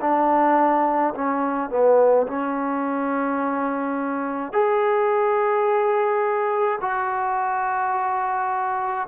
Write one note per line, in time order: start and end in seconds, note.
0.00 1.13 D4
1.14 1.70 C#4
1.70 2.26 B3
2.26 4.52 C#4
4.52 6.79 G#4
6.81 9.07 F#4